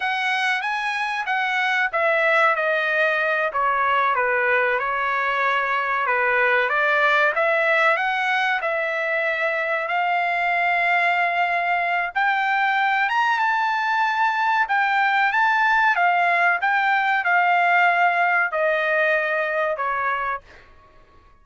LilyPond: \new Staff \with { instrumentName = "trumpet" } { \time 4/4 \tempo 4 = 94 fis''4 gis''4 fis''4 e''4 | dis''4. cis''4 b'4 cis''8~ | cis''4. b'4 d''4 e''8~ | e''8 fis''4 e''2 f''8~ |
f''2. g''4~ | g''8 ais''8 a''2 g''4 | a''4 f''4 g''4 f''4~ | f''4 dis''2 cis''4 | }